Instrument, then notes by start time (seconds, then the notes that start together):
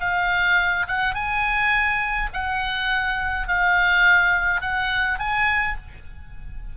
oboe
0.00 F5
0.88 F#5
1.15 G#5
2.33 F#5
3.48 F5
4.61 F#5
5.19 G#5